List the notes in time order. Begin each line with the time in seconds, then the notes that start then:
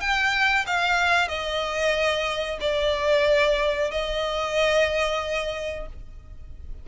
0.00 G5
0.66 F5
1.28 D#5
2.60 D5
3.90 D#5